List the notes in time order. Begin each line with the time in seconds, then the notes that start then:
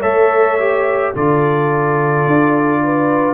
0.00 A3 A4 C#5 E5
0.59 G4
1.15 D3 F4 A4 D5
2.26 D4
2.84 B4